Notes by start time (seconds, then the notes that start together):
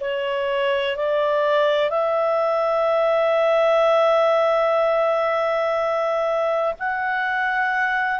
0.00 C#5
0.96 D5
1.90 E5
6.79 F#5